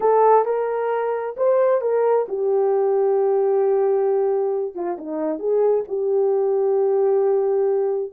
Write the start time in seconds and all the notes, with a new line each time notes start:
0.00 A4
0.45 A#4
1.36 C5
1.81 A#4
2.28 G4
4.74 F4
4.97 D#4
5.39 G#4
5.88 G4